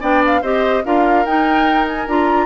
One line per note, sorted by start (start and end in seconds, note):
0.00 0.42 B3
0.00 0.41 D4
0.00 0.41 D5
0.00 0.23 G5
0.26 0.43 F5
0.41 0.83 C4
0.41 0.84 G4
0.41 0.82 C5
0.41 0.84 D#5
0.84 1.25 D4
0.84 1.25 F4
0.84 2.45 A#4
0.84 1.25 F5
1.25 2.07 D#4
1.25 1.87 G5
1.88 2.08 G#5
2.07 2.45 D4
2.07 2.45 F4
2.07 2.45 A#5